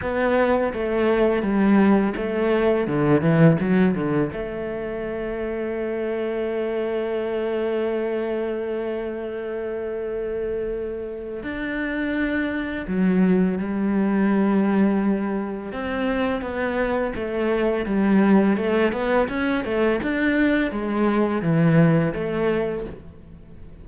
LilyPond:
\new Staff \with { instrumentName = "cello" } { \time 4/4 \tempo 4 = 84 b4 a4 g4 a4 | d8 e8 fis8 d8 a2~ | a1~ | a1 |
d'2 fis4 g4~ | g2 c'4 b4 | a4 g4 a8 b8 cis'8 a8 | d'4 gis4 e4 a4 | }